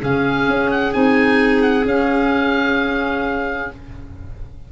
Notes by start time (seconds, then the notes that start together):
0.00 C#3 C#4 G#4 F5
0.49 C#4
0.71 F#5
0.93 C4 D#4 G#5
1.62 F#5
1.84 C#4 F5